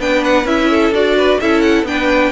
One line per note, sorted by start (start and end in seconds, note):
0.00 0.45 B3
0.00 0.46 D4
0.00 0.71 B4
0.00 0.25 G5
0.25 0.47 F#5
0.45 0.91 C#4
0.45 0.93 E4
0.45 0.94 E5
0.71 1.17 A4
0.91 1.38 D4
0.91 1.41 F#4
0.91 1.41 D5
1.17 1.41 B4
1.41 1.84 C#4
1.41 1.86 E4
1.41 1.88 A4
1.41 1.61 E5
1.61 1.85 F#5
1.84 2.31 B3
1.84 2.33 D4
1.84 2.33 B4
1.84 2.33 G5